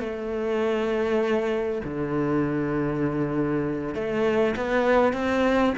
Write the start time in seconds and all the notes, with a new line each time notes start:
0.00 A3
1.84 D3
3.94 A3
4.56 B3
5.13 C4